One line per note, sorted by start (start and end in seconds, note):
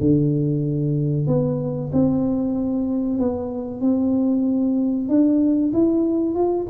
0.00 1.27 D3
1.27 1.91 B3
1.93 3.19 C4
3.19 3.81 B3
3.81 5.09 C4
5.09 5.72 D4
5.73 6.35 E4
6.35 6.67 F4